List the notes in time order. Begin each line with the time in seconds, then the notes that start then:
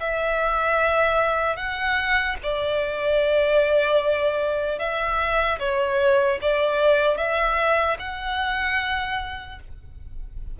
0.00 E5
1.56 F#5
2.43 D5
4.79 E5
5.59 C#5
6.41 D5
7.17 E5
7.99 F#5